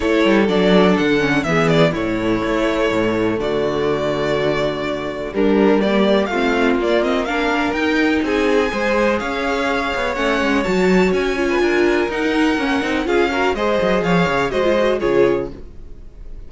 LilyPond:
<<
  \new Staff \with { instrumentName = "violin" } { \time 4/4 \tempo 4 = 124 cis''4 d''4 fis''4 e''8 d''8 | cis''2. d''4~ | d''2. ais'4 | d''4 f''4 d''8 dis''8 f''4 |
g''4 gis''2 f''4~ | f''4 fis''4 a''4 gis''4~ | gis''4 fis''2 f''4 | dis''4 f''4 dis''4 cis''4 | }
  \new Staff \with { instrumentName = "violin" } { \time 4/4 a'2. gis'4 | e'2. fis'4~ | fis'2. d'4 | g'4 f'2 ais'4~ |
ais'4 gis'4 c''4 cis''4~ | cis''2.~ cis''8. b'16 | ais'2. gis'8 ais'8 | c''4 cis''4 c''4 gis'4 | }
  \new Staff \with { instrumentName = "viola" } { \time 4/4 e'4 d'4. cis'8 b4 | a1~ | a2. g4 | ais4 c'4 ais8 c'8 d'4 |
dis'2 gis'2~ | gis'4 cis'4 fis'4. f'8~ | f'4 dis'4 cis'8 dis'8 f'8 fis'8 | gis'2 fis'16 f'16 fis'8 f'4 | }
  \new Staff \with { instrumentName = "cello" } { \time 4/4 a8 g8 fis4 d4 e4 | a,4 a4 a,4 d4~ | d2. g4~ | g4 a4 ais2 |
dis'4 c'4 gis4 cis'4~ | cis'8 b8 a8 gis8 fis4 cis'4 | d'4 dis'4 ais8 c'8 cis'4 | gis8 fis8 f8 cis8 gis4 cis4 | }
>>